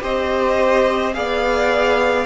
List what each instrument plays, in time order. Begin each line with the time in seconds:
0.00 cello C4, viola G4, violin C5 D#5
1.13 cello B3, viola G#4, violin D5 F5